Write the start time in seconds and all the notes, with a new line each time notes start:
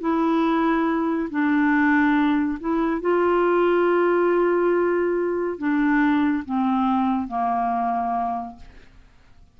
0.00 E4
1.30 D4
2.59 E4
3.01 F4
5.58 D4
6.45 C4
7.27 A#3